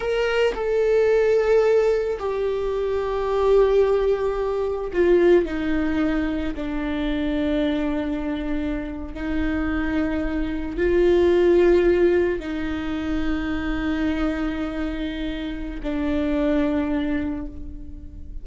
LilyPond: \new Staff \with { instrumentName = "viola" } { \time 4/4 \tempo 4 = 110 ais'4 a'2. | g'1~ | g'4 f'4 dis'2 | d'1~ |
d'8. dis'2. f'16~ | f'2~ f'8. dis'4~ dis'16~ | dis'1~ | dis'4 d'2. | }